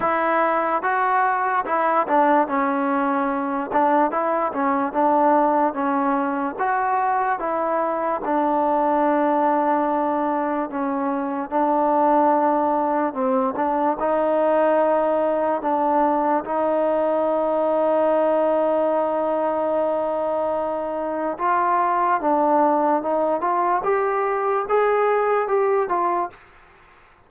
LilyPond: \new Staff \with { instrumentName = "trombone" } { \time 4/4 \tempo 4 = 73 e'4 fis'4 e'8 d'8 cis'4~ | cis'8 d'8 e'8 cis'8 d'4 cis'4 | fis'4 e'4 d'2~ | d'4 cis'4 d'2 |
c'8 d'8 dis'2 d'4 | dis'1~ | dis'2 f'4 d'4 | dis'8 f'8 g'4 gis'4 g'8 f'8 | }